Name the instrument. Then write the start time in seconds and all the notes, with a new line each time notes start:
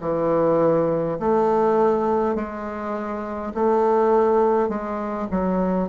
bassoon
0.00 E3
1.19 A3
2.35 G#3
3.54 A3
4.68 G#3
5.30 F#3